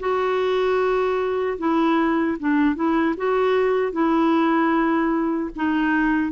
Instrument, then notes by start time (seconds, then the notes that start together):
clarinet
0.00 F#4
1.58 E4
2.39 D4
2.76 E4
3.17 F#4
3.93 E4
5.56 D#4